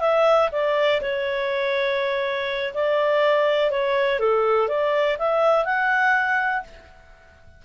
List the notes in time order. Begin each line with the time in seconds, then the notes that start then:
0.00 E5
0.52 D5
1.01 C#5
2.74 D5
3.70 C#5
4.19 A4
4.68 D5
5.19 E5
5.65 F#5